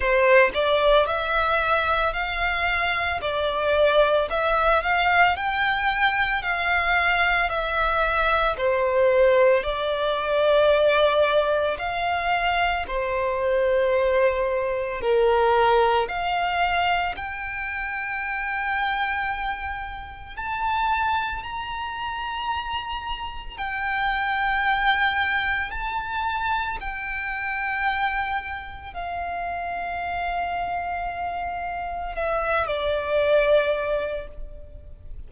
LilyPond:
\new Staff \with { instrumentName = "violin" } { \time 4/4 \tempo 4 = 56 c''8 d''8 e''4 f''4 d''4 | e''8 f''8 g''4 f''4 e''4 | c''4 d''2 f''4 | c''2 ais'4 f''4 |
g''2. a''4 | ais''2 g''2 | a''4 g''2 f''4~ | f''2 e''8 d''4. | }